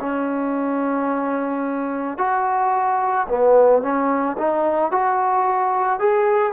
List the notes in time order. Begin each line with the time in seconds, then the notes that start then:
0.00 C#4
2.18 F#4
3.28 B3
3.82 C#4
4.38 D#4
4.91 F#4
6.00 G#4